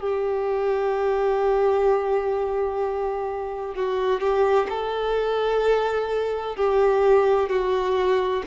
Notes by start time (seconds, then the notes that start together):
0.00 G4
3.75 F#4
4.20 G4
4.69 A4
6.56 G4
7.49 F#4